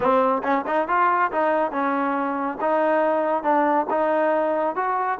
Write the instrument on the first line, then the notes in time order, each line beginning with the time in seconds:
trombone
0.00 C4
0.43 C#4
0.67 D#4
0.88 F4
1.31 D#4
1.71 C#4
2.60 D#4
3.43 D4
3.89 D#4
4.75 F#4